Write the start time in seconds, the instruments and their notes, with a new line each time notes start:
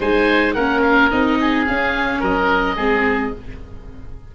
0.00 tuba G#3, viola D#4, oboe C5 G#5
0.53 tuba A#3, viola C#4, oboe A#4 F#5
0.82 oboe F5
1.10 tuba C4, viola D#4, oboe D#5
1.40 oboe G#4
1.66 viola C#4, tuba C#4, oboe F5
2.20 tuba F#3, oboe A#4 D#5
2.76 tuba G#3, viola C4, oboe G#4